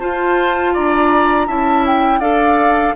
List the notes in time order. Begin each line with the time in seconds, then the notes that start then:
0.00 F4 C5 A5
0.74 D4 D5 A#5
1.47 C#4 E4 E5 A5
1.87 G5
2.20 D4 A4 D5 F5